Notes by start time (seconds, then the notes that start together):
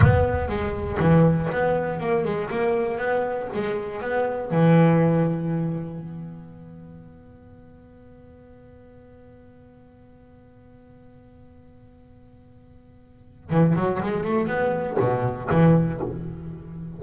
0.00 B3
0.48 G#3
0.99 E3
1.52 B3
2.00 A#3
2.24 G#3
2.50 A#3
2.97 B3
3.54 G#3
4.01 B3
4.50 E3
5.99 B3
13.50 E3
13.75 F#3
14.02 G#3
14.24 A3
14.47 B3
14.99 B2
15.50 E3